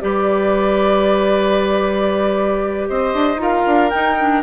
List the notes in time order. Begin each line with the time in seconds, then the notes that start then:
0.00 G3 G4 B4 D5
2.88 C4 C5 D#5
3.13 D4
3.36 D#4 F4 A#4 F5
3.66 D4
3.90 D#4 G5
4.19 D4